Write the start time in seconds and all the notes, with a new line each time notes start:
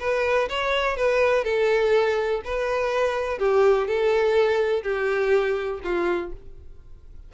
0.00 B4
0.49 C#5
0.97 B4
1.44 A4
2.45 B4
3.39 G4
3.87 A4
4.83 G4
5.84 F4